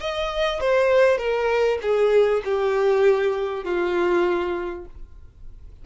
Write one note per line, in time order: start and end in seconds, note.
0.00 0.60 D#5
0.60 1.18 C5
1.18 1.79 A#4
1.82 2.42 G#4
2.45 3.64 G4
3.64 4.85 F4